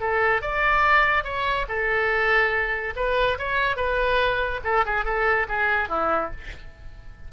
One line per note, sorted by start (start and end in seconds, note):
0.00 0.42 A4
0.42 1.24 D5
1.24 1.66 C#5
1.68 2.94 A4
2.96 3.38 B4
3.38 3.76 C#5
3.76 4.60 B4
4.64 4.85 A4
4.86 5.05 G#4
5.05 5.47 A4
5.48 5.89 G#4
5.89 6.31 E4